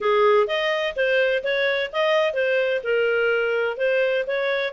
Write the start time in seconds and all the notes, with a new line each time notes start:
0.01 G#4
0.47 D#5
0.96 C5
1.43 C#5
1.92 D#5
2.33 C5
2.83 A#4
3.77 C5
4.26 C#5